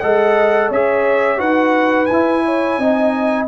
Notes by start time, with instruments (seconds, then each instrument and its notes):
0.00 tuba G#3, trombone A4, horn D#5, trumpet F#5
0.69 tuba C#4, trombone G#4, horn C#5, trumpet E5
1.37 tuba D#4, trombone F#4, horn B4, trumpet F#5
2.06 tuba E4, trumpet G#5
2.13 trombone E4
2.45 horn C#5
2.78 tuba C4, trombone D#4, horn D#5